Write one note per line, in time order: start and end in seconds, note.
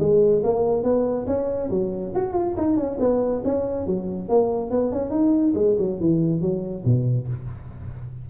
0.00 0.43 G#3
0.44 0.83 A#3
0.83 1.26 B3
1.27 1.70 C#4
1.70 2.13 F#3
2.15 2.34 F#4
2.34 2.55 F4
2.57 2.77 D#4
2.77 2.99 C#4
3.00 3.43 B3
3.45 3.87 C#4
3.87 4.29 F#3
4.29 4.71 A#3
4.71 4.92 B3
4.92 5.11 C#4
5.11 5.54 D#4
5.55 5.77 G#3
5.79 6.00 F#3
6.01 6.42 E3
6.42 6.85 F#3
6.85 7.28 B2